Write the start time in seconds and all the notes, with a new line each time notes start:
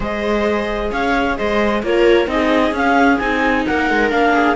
0.00 G#3 G#4 C5 D#5
0.91 C#4 C#5 F5
1.36 G#3 C5 D#5
1.82 A#3 F4 A#4 C#5
2.27 C4 D#4 G#4 D#5
2.71 C#4 F5
3.18 C4 D#4 G#5
3.66 A#3 A#4 F#5
3.89 G#3
4.10 A#3 D4 F5
4.34 G#4